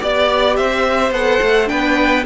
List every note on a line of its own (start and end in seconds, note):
0.00 0.59 B3
0.00 1.12 G4
0.00 0.57 D5
0.57 1.11 C4
0.57 1.70 C5
0.57 1.13 E5
1.11 1.39 B3
1.11 1.66 A4
1.11 1.69 F#5
1.42 1.70 A3
1.66 2.26 B3
1.66 2.23 D4
1.66 2.26 B4
1.66 2.25 G5